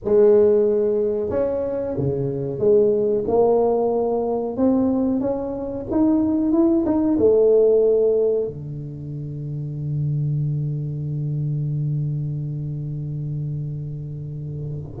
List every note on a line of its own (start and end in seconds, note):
0.04 1.30 G#3
1.30 1.95 C#4
1.97 2.58 C#3
2.58 3.24 G#3
3.27 4.56 A#3
4.56 5.20 C4
5.20 5.85 C#4
5.91 6.52 D#4
6.52 6.84 E4
6.85 7.18 D#4
7.18 8.47 A3
8.47 14.99 D3